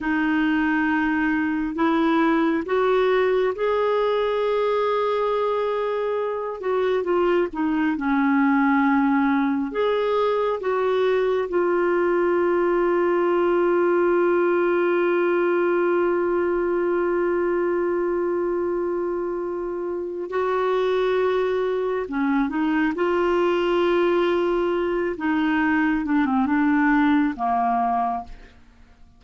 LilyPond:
\new Staff \with { instrumentName = "clarinet" } { \time 4/4 \tempo 4 = 68 dis'2 e'4 fis'4 | gis'2.~ gis'8 fis'8 | f'8 dis'8 cis'2 gis'4 | fis'4 f'2.~ |
f'1~ | f'2. fis'4~ | fis'4 cis'8 dis'8 f'2~ | f'8 dis'4 d'16 c'16 d'4 ais4 | }